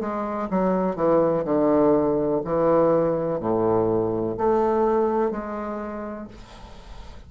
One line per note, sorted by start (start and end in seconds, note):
0.00 0.48 G#3
0.50 0.95 F#3
0.95 1.44 E3
1.44 2.41 D3
2.45 3.40 E3
3.40 4.36 A2
4.37 5.30 A3
5.30 6.27 G#3